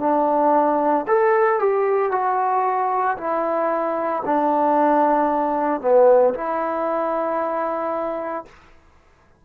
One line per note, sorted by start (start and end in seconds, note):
0.00 1.05 D4
1.08 1.60 A4
1.60 2.12 G4
2.12 3.17 F#4
3.18 4.23 E4
4.25 5.81 D4
5.81 6.34 B3
6.34 8.45 E4